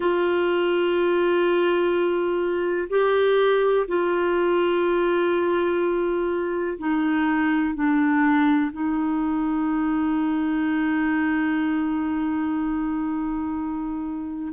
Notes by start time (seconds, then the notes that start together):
0.00 F4
2.89 G4
3.87 F4
6.78 D#4
7.74 D4
8.71 D#4